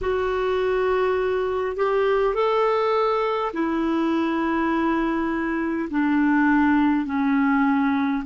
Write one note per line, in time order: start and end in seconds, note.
0.01 1.76 F#4
1.76 2.34 G4
2.34 3.51 A4
3.53 5.88 E4
5.90 7.05 D4
7.05 8.23 C#4